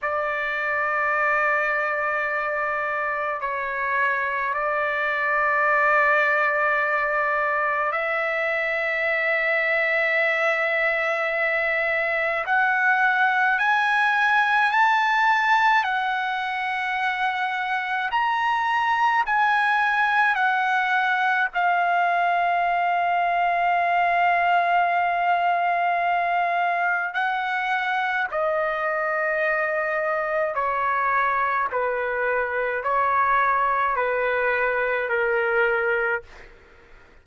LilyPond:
\new Staff \with { instrumentName = "trumpet" } { \time 4/4 \tempo 4 = 53 d''2. cis''4 | d''2. e''4~ | e''2. fis''4 | gis''4 a''4 fis''2 |
ais''4 gis''4 fis''4 f''4~ | f''1 | fis''4 dis''2 cis''4 | b'4 cis''4 b'4 ais'4 | }